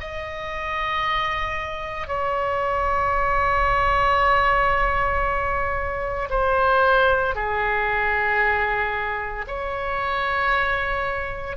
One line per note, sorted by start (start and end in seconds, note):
0.00 2.07 D#5
2.07 6.28 C#5
6.30 7.35 C5
7.35 9.45 G#4
9.47 11.56 C#5